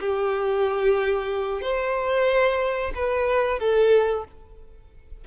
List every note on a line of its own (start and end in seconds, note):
0.00 1.62 G4
1.62 2.92 C5
2.95 3.60 B4
3.60 4.25 A4